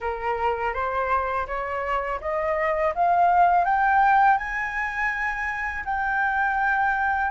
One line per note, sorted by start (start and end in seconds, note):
0.00 0.73 A#4
0.73 1.46 C5
1.46 2.20 C#5
2.20 2.93 D#5
2.94 3.64 F5
3.64 4.37 G5
4.37 5.84 G#5
5.84 7.30 G5